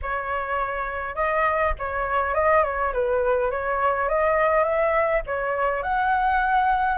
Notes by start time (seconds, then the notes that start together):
0.02 C#5
1.15 D#5
1.78 C#5
2.34 D#5
2.63 C#5
2.93 B4
3.50 C#5
4.09 D#5
4.63 E5
5.26 C#5
5.82 F#5